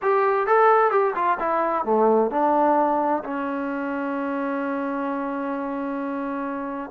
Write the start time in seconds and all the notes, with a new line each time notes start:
0.02 G4
0.46 A4
0.91 G4
1.15 F4
1.39 E4
1.85 A3
2.31 D4
3.23 C#4